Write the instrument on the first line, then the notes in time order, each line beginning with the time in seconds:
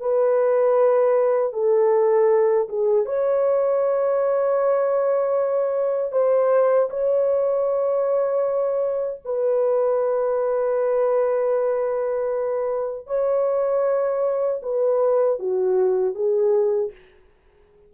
horn
0.00 B4
1.53 A4
2.69 G#4
3.06 C#5
6.12 C5
6.90 C#5
9.25 B4
13.07 C#5
14.63 B4
15.40 F#4
16.15 G#4